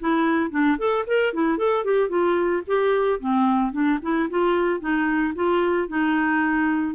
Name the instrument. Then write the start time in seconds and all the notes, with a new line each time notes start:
clarinet
0.00 E4
0.51 D4
0.78 A4
1.07 A#4
1.34 E4
1.58 A4
1.85 G4
2.09 F4
2.67 G4
3.20 C4
3.72 D4
4.02 E4
4.30 F4
4.80 D#4
5.35 F4
5.88 D#4